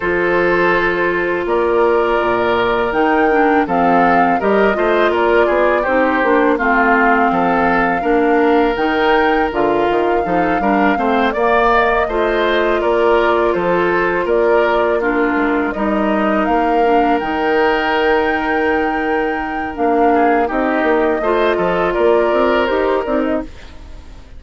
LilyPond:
<<
  \new Staff \with { instrumentName = "flute" } { \time 4/4 \tempo 4 = 82 c''2 d''2 | g''4 f''4 dis''4 d''4 | c''4 f''2. | g''4 f''2~ f''8 d''8 |
dis''4. d''4 c''4 d''8~ | d''8 ais'4 dis''4 f''4 g''8~ | g''2. f''4 | dis''2 d''4 c''8 d''16 dis''16 | }
  \new Staff \with { instrumentName = "oboe" } { \time 4/4 a'2 ais'2~ | ais'4 a'4 ais'8 c''8 ais'8 gis'8 | g'4 f'4 a'4 ais'4~ | ais'2 a'8 ais'8 c''8 d''8~ |
d''8 c''4 ais'4 a'4 ais'8~ | ais'8 f'4 ais'2~ ais'8~ | ais'2.~ ais'8 gis'8 | g'4 c''8 a'8 ais'2 | }
  \new Staff \with { instrumentName = "clarinet" } { \time 4/4 f'1 | dis'8 d'8 c'4 g'8 f'4. | dis'8 d'8 c'2 d'4 | dis'4 f'4 dis'8 d'8 c'8 ais8~ |
ais8 f'2.~ f'8~ | f'8 d'4 dis'4. d'8 dis'8~ | dis'2. d'4 | dis'4 f'2 g'8 dis'8 | }
  \new Staff \with { instrumentName = "bassoon" } { \time 4/4 f2 ais4 ais,4 | dis4 f4 g8 a8 ais8 b8 | c'8 ais8 a4 f4 ais4 | dis4 d8 dis8 f8 g8 a8 ais8~ |
ais8 a4 ais4 f4 ais8~ | ais4 gis8 g4 ais4 dis8~ | dis2. ais4 | c'8 ais8 a8 f8 ais8 c'8 dis'8 c'8 | }
>>